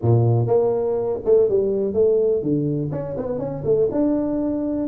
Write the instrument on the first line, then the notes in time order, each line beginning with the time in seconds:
tuba
0.01 A#2
0.46 A#3
1.24 A3
1.49 G3
1.93 A3
2.42 D3
2.91 C#4
3.17 B3
3.38 C#4
3.64 A3
3.91 D4